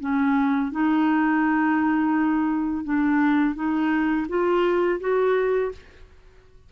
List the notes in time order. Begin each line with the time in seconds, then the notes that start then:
0.00 C#4
0.71 D#4
2.84 D4
3.55 D#4
4.28 F4
5.00 F#4